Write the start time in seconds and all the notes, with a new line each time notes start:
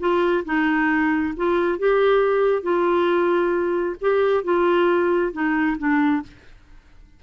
0.00 F4
0.45 D#4
1.37 F4
1.79 G4
2.63 F4
4.01 G4
4.44 F4
5.33 D#4
5.78 D4